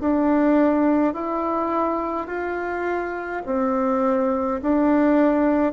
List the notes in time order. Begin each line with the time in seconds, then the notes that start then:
0.00 D4
1.13 E4
2.27 F4
3.45 C4
4.62 D4